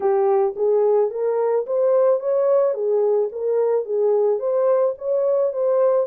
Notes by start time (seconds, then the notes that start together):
0.00 G4
0.56 G#4
1.10 A#4
1.66 C5
2.20 C#5
2.74 G#4
3.32 A#4
3.85 G#4
4.39 C5
4.98 C#5
5.52 C5